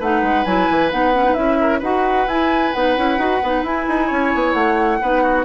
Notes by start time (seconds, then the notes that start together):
0.00 A3 D#4 B4 F#5
0.23 G#3
0.45 F#3 E4 G#5
0.71 E3
0.91 B3 D#4 F#5
1.14 C#4
1.25 D#4
1.34 C#4 E4 E5
1.61 A#4
1.79 D#4 F#4 B4 F#5
2.27 E4 G#5
2.73 B3 D#4 F#5
2.97 C#4 E4
3.18 D#4 F#4
3.43 B3 D#4
3.63 E4 G#5
3.89 D#4
4.07 C#4 C#5
4.35 B3
4.53 A3 F#5
5.02 B3 D#4 B4
5.23 F#4